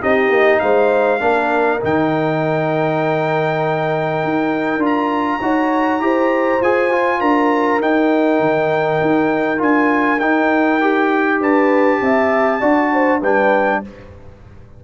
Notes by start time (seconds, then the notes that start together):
0.00 C4 D#4 G4 D#5
0.29 A#3
0.59 G#3 C5 F5
1.20 A#3 D4 A#4
1.81 D#3 D#4 G5
4.24 D#4
4.77 D4 F4
4.86 A#5
5.41 D#4 F#4 C#5
6.00 E4 G4 C5
6.60 F4 G#4 G#5
6.91 F4
7.20 D4 A#4 A#5
7.80 D#4 G5
8.40 D#3
9.01 D#4
9.58 D4 F4 G#5
10.19 D#4 G5
10.81 G4
11.41 D4 B4 A5
12.01 C4 E5
12.60 D4 F#4 D5
12.93 C5
13.21 G3 D4 B4 G5